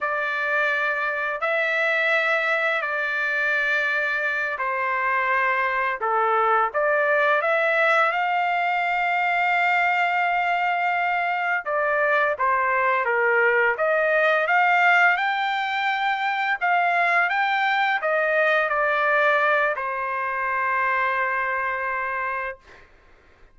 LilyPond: \new Staff \with { instrumentName = "trumpet" } { \time 4/4 \tempo 4 = 85 d''2 e''2 | d''2~ d''8 c''4.~ | c''8 a'4 d''4 e''4 f''8~ | f''1~ |
f''8 d''4 c''4 ais'4 dis''8~ | dis''8 f''4 g''2 f''8~ | f''8 g''4 dis''4 d''4. | c''1 | }